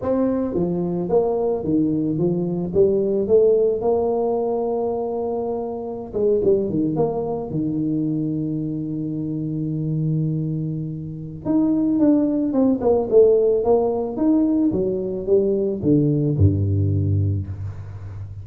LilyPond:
\new Staff \with { instrumentName = "tuba" } { \time 4/4 \tempo 4 = 110 c'4 f4 ais4 dis4 | f4 g4 a4 ais4~ | ais2.~ ais16 gis8 g16~ | g16 dis8 ais4 dis2~ dis16~ |
dis1~ | dis4 dis'4 d'4 c'8 ais8 | a4 ais4 dis'4 fis4 | g4 d4 g,2 | }